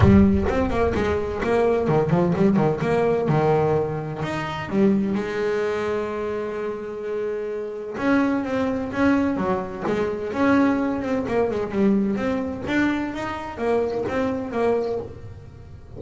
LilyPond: \new Staff \with { instrumentName = "double bass" } { \time 4/4 \tempo 4 = 128 g4 c'8 ais8 gis4 ais4 | dis8 f8 g8 dis8 ais4 dis4~ | dis4 dis'4 g4 gis4~ | gis1~ |
gis4 cis'4 c'4 cis'4 | fis4 gis4 cis'4. c'8 | ais8 gis8 g4 c'4 d'4 | dis'4 ais4 c'4 ais4 | }